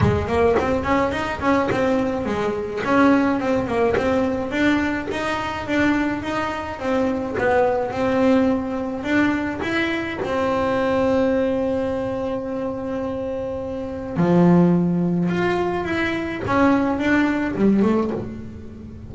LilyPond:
\new Staff \with { instrumentName = "double bass" } { \time 4/4 \tempo 4 = 106 gis8 ais8 c'8 cis'8 dis'8 cis'8 c'4 | gis4 cis'4 c'8 ais8 c'4 | d'4 dis'4 d'4 dis'4 | c'4 b4 c'2 |
d'4 e'4 c'2~ | c'1~ | c'4 f2 f'4 | e'4 cis'4 d'4 g8 a8 | }